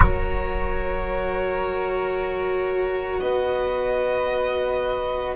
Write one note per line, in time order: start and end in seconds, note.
0.00 3.20 F#3
0.00 5.35 F#4
0.00 3.20 A#4
0.00 3.20 C#5
3.20 5.36 B3
3.20 5.35 B4
3.20 5.34 D#5